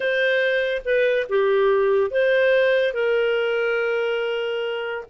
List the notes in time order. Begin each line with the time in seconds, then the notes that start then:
0.00 C5
0.84 B4
1.29 G4
2.10 C5
2.93 A#4